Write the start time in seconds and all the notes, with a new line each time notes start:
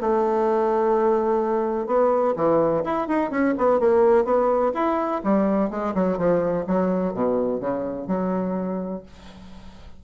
0.00 A3
1.86 B3
2.36 E3
2.84 E4
3.07 D#4
3.30 C#4
3.58 B3
3.79 A#3
4.24 B3
4.74 E4
5.23 G3
5.70 G#3
5.94 F#3
6.17 F3
6.67 F#3
7.13 B2
7.60 C#3
8.07 F#3